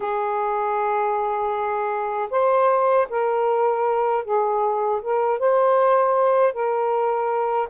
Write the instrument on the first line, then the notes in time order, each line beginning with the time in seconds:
saxophone
0.00 G#4
2.30 C5
3.09 A#4
4.24 G#4
5.01 A#4
5.39 C5
6.53 A#4